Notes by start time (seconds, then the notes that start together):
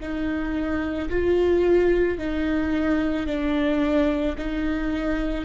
0.00 D#4
1.09 F4
2.18 D#4
3.26 D4
4.37 D#4